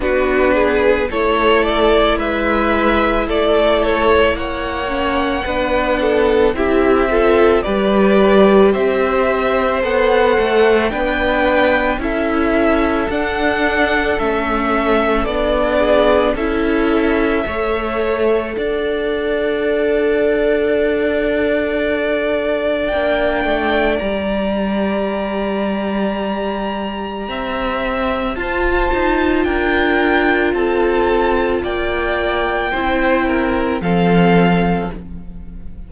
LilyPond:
<<
  \new Staff \with { instrumentName = "violin" } { \time 4/4 \tempo 4 = 55 b'4 cis''8 d''8 e''4 d''8 cis''8 | fis''2 e''4 d''4 | e''4 fis''4 g''4 e''4 | fis''4 e''4 d''4 e''4~ |
e''4 fis''2.~ | fis''4 g''4 ais''2~ | ais''2 a''4 g''4 | a''4 g''2 f''4 | }
  \new Staff \with { instrumentName = "violin" } { \time 4/4 fis'8 gis'8 a'4 b'4 a'4 | cis''4 b'8 a'8 g'8 a'8 b'4 | c''2 b'4 a'4~ | a'2~ a'8 gis'8 a'4 |
cis''4 d''2.~ | d''1~ | d''4 e''4 c''4 ais'4 | a'4 d''4 c''8 ais'8 a'4 | }
  \new Staff \with { instrumentName = "viola" } { \time 4/4 d'4 e'2.~ | e'8 cis'8 d'4 e'8 f'8 g'4~ | g'4 a'4 d'4 e'4 | d'4 cis'4 d'4 e'4 |
a'1~ | a'4 d'4 g'2~ | g'2 f'2~ | f'2 e'4 c'4 | }
  \new Staff \with { instrumentName = "cello" } { \time 4/4 b4 a4 gis4 a4 | ais4 b4 c'4 g4 | c'4 b8 a8 b4 cis'4 | d'4 a4 b4 cis'4 |
a4 d'2.~ | d'4 ais8 a8 g2~ | g4 c'4 f'8 dis'8 d'4 | c'4 ais4 c'4 f4 | }
>>